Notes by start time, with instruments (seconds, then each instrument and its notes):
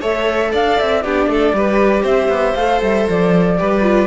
0.00 cello A3, viola A4, violin C#5, flute E5
0.51 cello D4, violin D5, flute F5
0.79 cello C4, flute E5
1.02 cello B3, viola D4, violin G4, flute D5
1.26 cello A3, violin A4
1.53 cello G3, viola G4, violin B4
2.02 cello C4, violin C5, flute E5
2.28 cello B3
2.55 cello A3, viola A4, flute F5
2.81 cello G3, flute E5
3.09 cello F3, flute D5
3.57 cello G3, viola G4, violin B4
3.82 viola F4